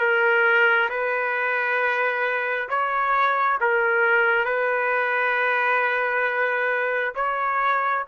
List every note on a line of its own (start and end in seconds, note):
0.00 0.90 A#4
0.90 2.69 B4
2.69 3.59 C#5
3.61 4.46 A#4
4.46 7.14 B4
7.16 8.05 C#5